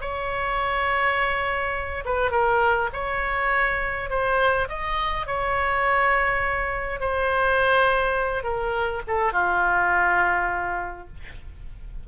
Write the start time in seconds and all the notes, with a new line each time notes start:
0.00 C#5
2.04 B4
2.31 A#4
2.93 C#5
4.09 C5
4.68 D#5
5.26 C#5
7.00 C5
8.43 A#4
9.07 A4
9.32 F4